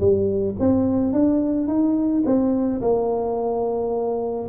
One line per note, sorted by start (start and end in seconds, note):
0.00 0.56 G3
0.60 1.13 C4
1.13 1.68 D4
1.68 2.23 D#4
2.26 2.81 C4
2.81 4.48 A#3